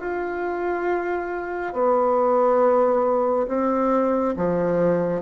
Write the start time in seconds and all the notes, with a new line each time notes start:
0.00 F4
1.73 B3
3.48 C4
4.36 F3